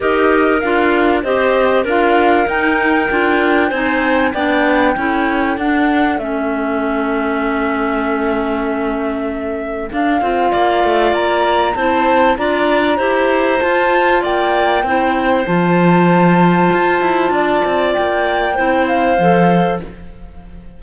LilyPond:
<<
  \new Staff \with { instrumentName = "flute" } { \time 4/4 \tempo 4 = 97 dis''4 f''4 dis''4 f''4 | g''2 gis''4 g''4~ | g''4 fis''4 e''2~ | e''1 |
f''2 ais''4 a''4 | ais''2 a''4 g''4~ | g''4 a''2.~ | a''4 g''4. f''4. | }
  \new Staff \with { instrumentName = "clarinet" } { \time 4/4 ais'2 c''4 ais'4~ | ais'2 c''4 d''4 | a'1~ | a'1~ |
a'4 d''2 c''4 | d''4 c''2 d''4 | c''1 | d''2 c''2 | }
  \new Staff \with { instrumentName = "clarinet" } { \time 4/4 g'4 f'4 g'4 f'4 | dis'4 f'4 dis'4 d'4 | e'4 d'4 cis'2~ | cis'1 |
d'8 f'2~ f'8 e'4 | f'4 g'4 f'2 | e'4 f'2.~ | f'2 e'4 a'4 | }
  \new Staff \with { instrumentName = "cello" } { \time 4/4 dis'4 d'4 c'4 d'4 | dis'4 d'4 c'4 b4 | cis'4 d'4 a2~ | a1 |
d'8 c'8 ais8 a8 ais4 c'4 | d'4 e'4 f'4 ais4 | c'4 f2 f'8 e'8 | d'8 c'8 ais4 c'4 f4 | }
>>